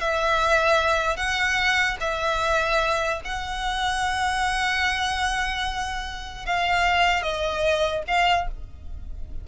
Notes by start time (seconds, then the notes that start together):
0.00 E5
1.16 F#5
2.00 E5
3.24 F#5
6.45 F5
7.22 D#5
8.07 F5